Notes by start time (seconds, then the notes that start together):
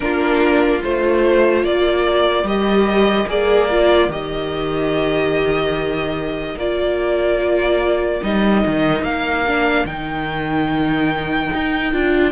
0.00 A#3 D4 F4 A#4
0.82 A3 F4 C5
1.63 A#3 A#4 D5
2.43 G3 G4 D#5
3.27 A#3 G#4 D5
3.70 F4
4.08 D#3 G4 D#5
6.56 A#3 F4 D5
8.21 G3 D#4 D#5
8.66 D#3
9.02 A#3 F5
9.47 D4
9.85 D#3 D#4 G5
11.53 D#4
11.92 D4 F4